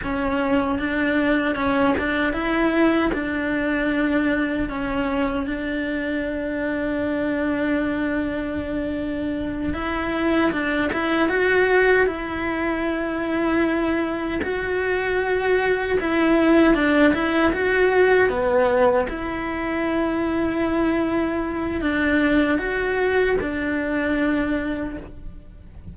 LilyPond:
\new Staff \with { instrumentName = "cello" } { \time 4/4 \tempo 4 = 77 cis'4 d'4 cis'8 d'8 e'4 | d'2 cis'4 d'4~ | d'1~ | d'8 e'4 d'8 e'8 fis'4 e'8~ |
e'2~ e'8 fis'4.~ | fis'8 e'4 d'8 e'8 fis'4 b8~ | b8 e'2.~ e'8 | d'4 fis'4 d'2 | }